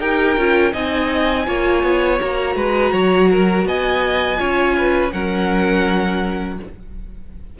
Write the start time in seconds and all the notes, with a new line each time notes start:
0.00 D#4 G4 A#4 G5
0.37 C#4 F4
0.73 C4 D#4 D#5 G#5
1.47 A#3 F4 C#5
1.84 B3
2.20 A#3 F#4 A#5
2.56 G#3 B4
2.93 F#3 C#5
3.32 A#4
3.66 B3 D#5 G#5
4.38 C#4 F4 C#5
4.78 B4
5.12 F#3 C#4 A#4 F#5